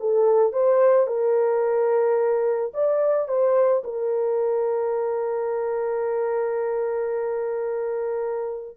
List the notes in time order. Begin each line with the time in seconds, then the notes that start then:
0.00 A4
0.53 C5
1.08 A#4
2.74 D5
3.29 C5
3.84 A#4